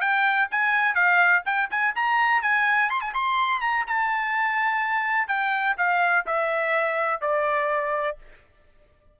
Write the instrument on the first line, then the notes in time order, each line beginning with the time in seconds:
trumpet
0.00 G5
0.51 G#5
0.94 F5
1.45 G5
1.70 G#5
1.95 A#5
2.42 G#5
2.90 C6
3.01 G#5
3.14 C6
3.61 A#5
3.87 A5
5.28 G5
5.77 F5
6.26 E5
7.21 D5